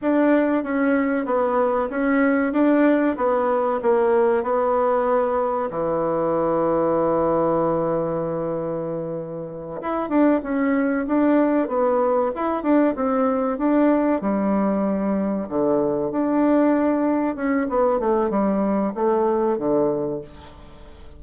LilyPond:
\new Staff \with { instrumentName = "bassoon" } { \time 4/4 \tempo 4 = 95 d'4 cis'4 b4 cis'4 | d'4 b4 ais4 b4~ | b4 e2.~ | e2.~ e8 e'8 |
d'8 cis'4 d'4 b4 e'8 | d'8 c'4 d'4 g4.~ | g8 d4 d'2 cis'8 | b8 a8 g4 a4 d4 | }